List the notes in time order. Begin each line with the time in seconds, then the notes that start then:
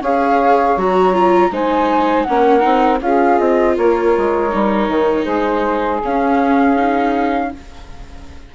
0.00 C#4 G#4 C#5 F5
0.77 F#3 F#4 A#5
1.13 F4
1.51 G#3 D#4 C5 G#5
2.23 A#3 C#4 A#4 F#5
2.60 C4 D#4
3.01 C#4 F4 G#4 F5
3.39 C4 D#5
3.76 A#3 A#4 C#5
4.17 G#3
4.50 G3 D#4
4.88 D#3
5.24 G#3 G#4 C5
6.04 C#4 F5
6.77 D#4